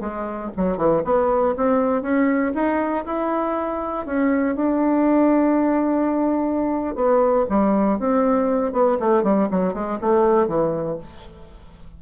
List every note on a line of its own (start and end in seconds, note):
0.00 0.50 G#3
0.57 0.77 F#3
0.77 1.03 E3
1.05 1.55 B3
1.57 2.02 C4
2.02 2.52 C#4
2.54 3.05 D#4
3.05 4.06 E4
4.06 4.56 C#4
4.56 6.95 D4
6.95 7.46 B3
7.49 7.99 G3
7.99 8.72 C4
8.72 8.98 B3
9.00 9.23 A3
9.23 9.49 G3
9.51 9.74 F#3
9.74 9.99 G#3
10.01 10.47 A3
10.47 10.97 E3